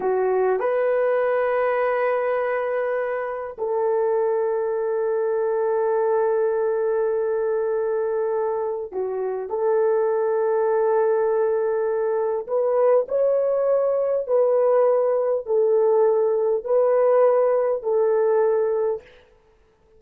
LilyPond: \new Staff \with { instrumentName = "horn" } { \time 4/4 \tempo 4 = 101 fis'4 b'2.~ | b'2 a'2~ | a'1~ | a'2. fis'4 |
a'1~ | a'4 b'4 cis''2 | b'2 a'2 | b'2 a'2 | }